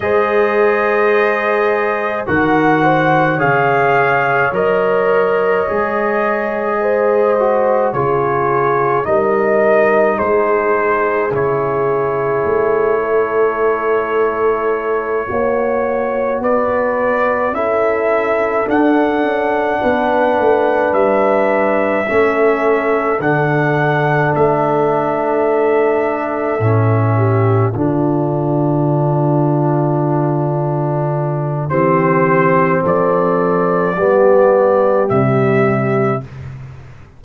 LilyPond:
<<
  \new Staff \with { instrumentName = "trumpet" } { \time 4/4 \tempo 4 = 53 dis''2 fis''4 f''4 | dis''2. cis''4 | dis''4 c''4 cis''2~ | cis''2~ cis''8 d''4 e''8~ |
e''8 fis''2 e''4.~ | e''8 fis''4 e''2~ e''8~ | e''8 d''2.~ d''8 | c''4 d''2 e''4 | }
  \new Staff \with { instrumentName = "horn" } { \time 4/4 c''2 ais'8 c''8 cis''4~ | cis''2 c''4 gis'4 | ais'4 gis'2~ gis'8 a'8~ | a'4. cis''4 b'4 a'8~ |
a'4. b'2 a'8~ | a'1 | g'8 f'2.~ f'8 | g'4 a'4 g'2 | }
  \new Staff \with { instrumentName = "trombone" } { \time 4/4 gis'2 fis'4 gis'4 | ais'4 gis'4. fis'8 f'4 | dis'2 e'2~ | e'4. fis'2 e'8~ |
e'8 d'2. cis'8~ | cis'8 d'2. cis'8~ | cis'8 d'2.~ d'8 | c'2 b4 g4 | }
  \new Staff \with { instrumentName = "tuba" } { \time 4/4 gis2 dis4 cis4 | fis4 gis2 cis4 | g4 gis4 cis4 a4~ | a4. ais4 b4 cis'8~ |
cis'8 d'8 cis'8 b8 a8 g4 a8~ | a8 d4 a2 a,8~ | a,8 d2.~ d8 | e4 f4 g4 c4 | }
>>